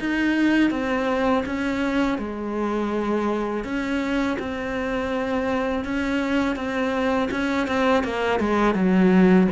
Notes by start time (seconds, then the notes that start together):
0.00 D#4
0.71 C4
1.46 C#4
2.19 G#3
3.65 C#4
4.39 C4
5.85 C#4
6.56 C4
7.31 C#4
7.68 C4
8.04 A#3
8.40 G#3
8.75 F#3